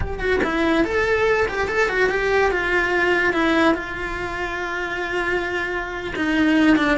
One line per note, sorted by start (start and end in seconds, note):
0.00 0.19 G4
0.19 0.40 F#4
0.43 0.84 E4
0.84 1.47 A4
1.48 1.68 G4
1.68 1.88 A4
1.88 2.09 F#4
2.09 2.51 G4
2.51 3.33 F4
3.33 3.74 E4
3.74 6.14 F4
6.16 6.76 D#4
6.76 6.97 D4